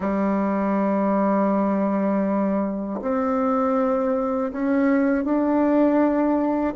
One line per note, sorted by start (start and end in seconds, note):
0.00 3.00 G3
3.01 4.51 C4
4.51 5.24 C#4
5.24 6.74 D4